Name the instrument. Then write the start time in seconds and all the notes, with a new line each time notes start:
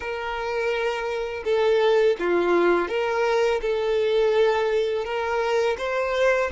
violin
0.00 A#4
1.44 A4
2.19 F4
2.88 A#4
3.61 A4
5.04 A#4
5.78 C5